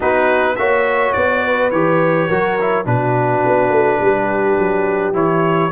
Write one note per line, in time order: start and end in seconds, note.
0.00 0.58 B3
0.00 0.56 D#4
0.00 0.55 F#4
0.00 0.56 B4
0.56 1.15 A#3
0.56 1.72 F#4
0.56 1.43 C#5
0.56 1.12 E5
1.12 1.71 B3
1.12 1.70 D5
1.43 2.27 B4
1.71 2.28 E3
1.71 2.30 G4
1.71 2.85 C#5
2.27 2.86 F#3
2.27 2.59 F#4
2.27 2.85 A#4
2.60 2.85 E4
2.85 3.43 B2
2.85 5.13 D4
2.85 4.00 F#4
2.85 5.14 B4
3.46 3.69 B3
3.69 3.98 A3
4.00 4.57 G3
4.00 5.71 G4
4.58 5.13 F#3
5.13 5.70 E3
5.13 5.70 E4
5.13 5.71 C#5